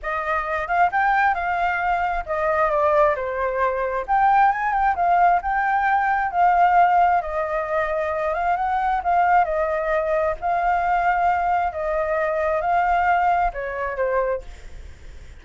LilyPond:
\new Staff \with { instrumentName = "flute" } { \time 4/4 \tempo 4 = 133 dis''4. f''8 g''4 f''4~ | f''4 dis''4 d''4 c''4~ | c''4 g''4 gis''8 g''8 f''4 | g''2 f''2 |
dis''2~ dis''8 f''8 fis''4 | f''4 dis''2 f''4~ | f''2 dis''2 | f''2 cis''4 c''4 | }